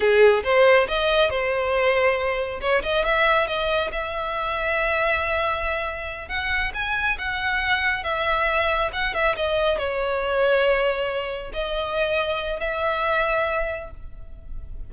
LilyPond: \new Staff \with { instrumentName = "violin" } { \time 4/4 \tempo 4 = 138 gis'4 c''4 dis''4 c''4~ | c''2 cis''8 dis''8 e''4 | dis''4 e''2.~ | e''2~ e''8 fis''4 gis''8~ |
gis''8 fis''2 e''4.~ | e''8 fis''8 e''8 dis''4 cis''4.~ | cis''2~ cis''8 dis''4.~ | dis''4 e''2. | }